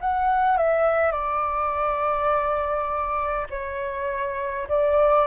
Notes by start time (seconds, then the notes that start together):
0.00 F#5
0.57 E5
1.11 D5
3.50 C#5
4.68 D5